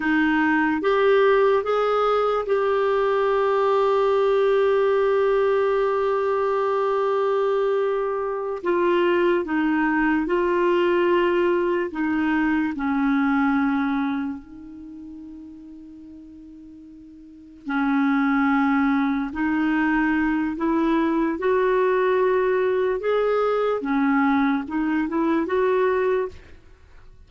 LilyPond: \new Staff \with { instrumentName = "clarinet" } { \time 4/4 \tempo 4 = 73 dis'4 g'4 gis'4 g'4~ | g'1~ | g'2~ g'8 f'4 dis'8~ | dis'8 f'2 dis'4 cis'8~ |
cis'4. dis'2~ dis'8~ | dis'4. cis'2 dis'8~ | dis'4 e'4 fis'2 | gis'4 cis'4 dis'8 e'8 fis'4 | }